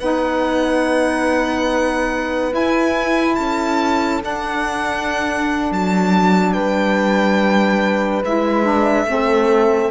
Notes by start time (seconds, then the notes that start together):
0.00 B3 D#4 B4 F#5
2.52 E4 G#5
3.36 C#4 A4 A5
4.21 D4 F#5
5.72 F#3 A5
6.53 G3 B4 G5
8.25 G#3 E4 E5
8.64 D4
9.05 A3 C4 A4